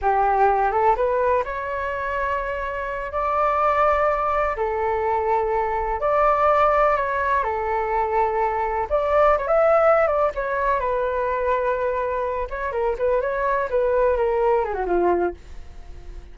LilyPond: \new Staff \with { instrumentName = "flute" } { \time 4/4 \tempo 4 = 125 g'4. a'8 b'4 cis''4~ | cis''2~ cis''8 d''4.~ | d''4. a'2~ a'8~ | a'8 d''2 cis''4 a'8~ |
a'2~ a'8 d''4 cis''16 e''16~ | e''4 d''8 cis''4 b'4.~ | b'2 cis''8 ais'8 b'8 cis''8~ | cis''8 b'4 ais'4 gis'16 fis'16 f'4 | }